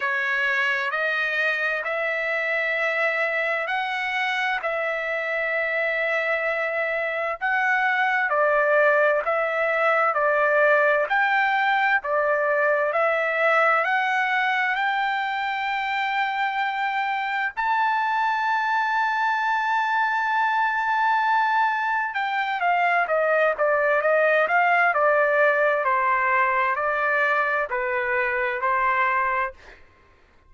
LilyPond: \new Staff \with { instrumentName = "trumpet" } { \time 4/4 \tempo 4 = 65 cis''4 dis''4 e''2 | fis''4 e''2. | fis''4 d''4 e''4 d''4 | g''4 d''4 e''4 fis''4 |
g''2. a''4~ | a''1 | g''8 f''8 dis''8 d''8 dis''8 f''8 d''4 | c''4 d''4 b'4 c''4 | }